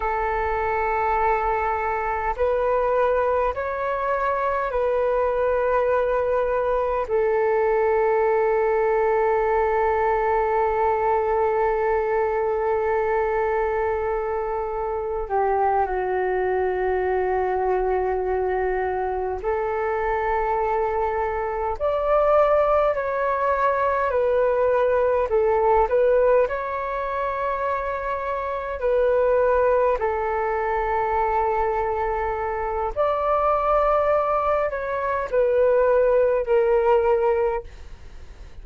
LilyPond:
\new Staff \with { instrumentName = "flute" } { \time 4/4 \tempo 4 = 51 a'2 b'4 cis''4 | b'2 a'2~ | a'1~ | a'4 g'8 fis'2~ fis'8~ |
fis'8 a'2 d''4 cis''8~ | cis''8 b'4 a'8 b'8 cis''4.~ | cis''8 b'4 a'2~ a'8 | d''4. cis''8 b'4 ais'4 | }